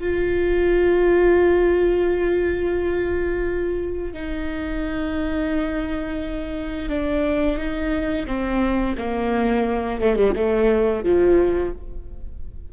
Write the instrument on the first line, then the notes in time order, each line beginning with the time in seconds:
viola
0.00 F4
4.13 D#4
6.89 D4
7.57 D#4
8.27 C4
8.98 A#3
10.01 A3
10.16 G3
10.36 A3
11.04 F3